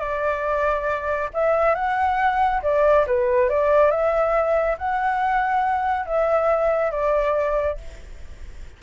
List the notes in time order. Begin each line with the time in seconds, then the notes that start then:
0.00 D5
1.34 E5
1.75 F#5
2.63 D5
3.07 B4
3.50 D5
3.91 E5
4.78 F#5
6.06 E5
6.92 D5